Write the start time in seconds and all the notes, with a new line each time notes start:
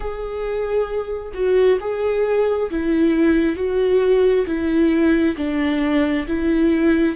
0.00 G#4
1.34 F#4
1.80 G#4
2.70 E4
3.56 F#4
4.46 E4
5.36 D4
6.27 E4